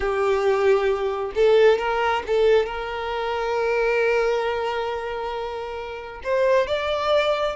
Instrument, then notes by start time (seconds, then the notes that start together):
violin
0.00 G4
1.35 A4
1.78 A#4
2.26 A4
2.66 A#4
6.23 C5
6.67 D5